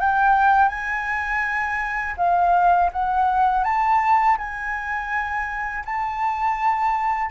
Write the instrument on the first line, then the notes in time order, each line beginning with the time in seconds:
flute
0.00 G5
0.69 G#5
2.17 F5
2.92 F#5
3.64 A5
4.37 G#5
5.85 A5